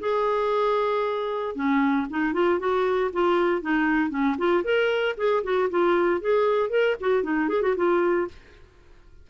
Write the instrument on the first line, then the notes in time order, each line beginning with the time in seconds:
clarinet
0.00 G#4
1.55 C#4
2.10 D#4
2.33 F4
2.59 F#4
3.13 F4
3.62 D#4
4.10 C#4
4.38 F4
4.64 A#4
5.17 G#4
5.43 F#4
5.70 F4
6.21 G#4
6.70 A#4
7.00 F#4
7.23 D#4
7.49 G#4
7.62 F#4
7.76 F4